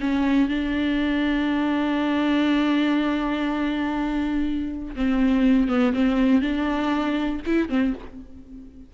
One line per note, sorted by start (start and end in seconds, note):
0.00 0.48 C#4
0.48 4.95 D4
4.95 5.68 C4
5.68 5.93 B3
5.93 6.41 C4
6.41 7.41 D4
7.46 7.69 E4
7.69 7.93 C4